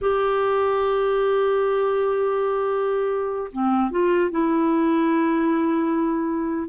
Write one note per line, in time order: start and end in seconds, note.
0.01 3.51 G4
3.52 3.90 C4
3.90 4.30 F4
4.30 6.69 E4